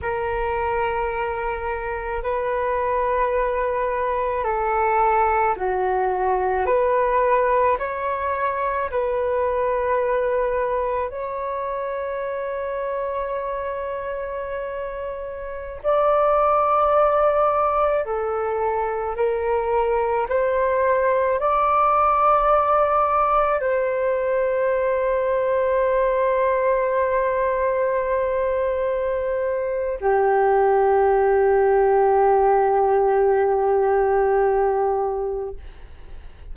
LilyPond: \new Staff \with { instrumentName = "flute" } { \time 4/4 \tempo 4 = 54 ais'2 b'2 | a'4 fis'4 b'4 cis''4 | b'2 cis''2~ | cis''2~ cis''16 d''4.~ d''16~ |
d''16 a'4 ais'4 c''4 d''8.~ | d''4~ d''16 c''2~ c''8.~ | c''2. g'4~ | g'1 | }